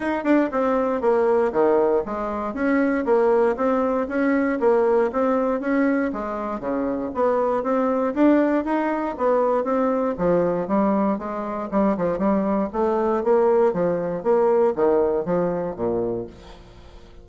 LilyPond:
\new Staff \with { instrumentName = "bassoon" } { \time 4/4 \tempo 4 = 118 dis'8 d'8 c'4 ais4 dis4 | gis4 cis'4 ais4 c'4 | cis'4 ais4 c'4 cis'4 | gis4 cis4 b4 c'4 |
d'4 dis'4 b4 c'4 | f4 g4 gis4 g8 f8 | g4 a4 ais4 f4 | ais4 dis4 f4 ais,4 | }